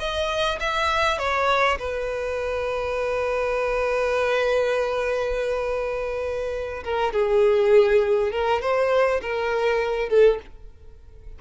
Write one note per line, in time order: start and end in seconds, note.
0.00 0.59 D#5
0.60 1.19 E5
1.19 1.78 C#5
1.79 6.84 B4
6.85 7.13 A#4
7.13 8.32 G#4
8.32 8.62 A#4
8.62 9.21 C5
9.22 10.09 A#4
10.09 10.39 A4